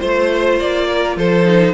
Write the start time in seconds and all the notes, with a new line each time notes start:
0.00 A3 F4 C5
0.59 A#3 D5
0.88 A#4
1.17 F3 A4 C5
1.46 D#4